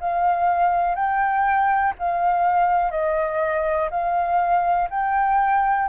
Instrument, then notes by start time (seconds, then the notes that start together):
flute
0.00 F5
0.95 G5
1.99 F5
2.91 D#5
3.90 F5
4.90 G5